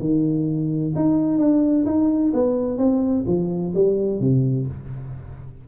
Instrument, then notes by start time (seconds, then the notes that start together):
tuba
0.00 D#3
0.96 D#4
1.38 D4
1.86 D#4
2.34 B3
2.78 C4
3.27 F3
3.75 G3
4.20 C3